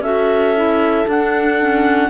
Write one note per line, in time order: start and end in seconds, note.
0.00 1.05 C#4
0.00 0.56 F#4
0.00 2.10 A4
0.00 1.08 E5
0.56 1.06 E4
1.06 1.59 D4
1.06 2.10 D4
1.06 2.10 F#5
1.60 2.10 C#4